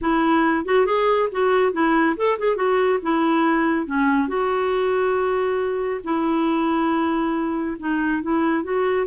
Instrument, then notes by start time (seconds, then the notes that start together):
clarinet
0.01 E4
0.65 F#4
0.86 G#4
1.31 F#4
1.73 E4
2.16 A4
2.39 G#4
2.55 F#4
3.02 E4
3.86 C#4
4.28 F#4
6.04 E4
7.79 D#4
8.22 E4
8.63 F#4